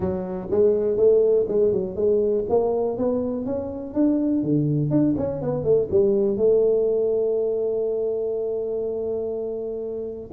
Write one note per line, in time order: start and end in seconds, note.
0.00 0.48 F#3
0.50 0.97 G#3
0.97 1.46 A3
1.48 1.72 G#3
1.72 1.95 F#3
1.95 2.45 G#3
2.49 2.97 A#3
2.97 3.45 B3
3.45 3.93 C#4
3.93 4.43 D4
4.43 4.90 D3
4.90 5.15 D4
5.17 5.41 C#4
5.41 5.64 B3
5.64 5.88 A3
5.90 6.37 G3
6.37 10.30 A3